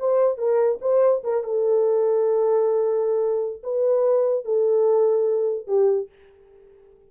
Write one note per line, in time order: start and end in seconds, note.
0.00 0.38 C5
0.38 0.79 A#4
0.81 1.23 C5
1.24 1.44 A#4
1.44 3.62 A4
3.63 4.45 B4
4.45 5.67 A4
5.67 6.09 G4